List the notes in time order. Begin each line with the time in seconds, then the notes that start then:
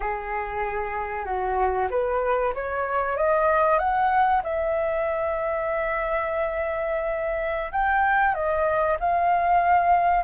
0.00 G#4
1.25 F#4
1.90 B4
2.54 C#5
3.16 D#5
3.78 F#5
4.43 E5
7.72 G5
8.34 D#5
8.99 F5